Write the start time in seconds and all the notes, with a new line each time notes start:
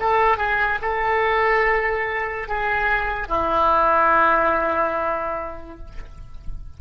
0.00 A4
0.37 G#4
0.82 A4
2.48 G#4
3.28 E4